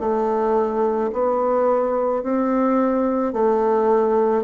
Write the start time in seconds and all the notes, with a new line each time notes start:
0.00 A3
1.13 B3
2.23 C4
3.33 A3